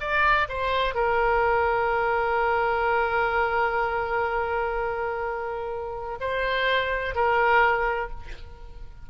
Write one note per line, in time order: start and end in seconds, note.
0.00 0.48 D5
0.49 0.94 C5
0.94 6.18 A#4
6.20 7.15 C5
7.15 8.10 A#4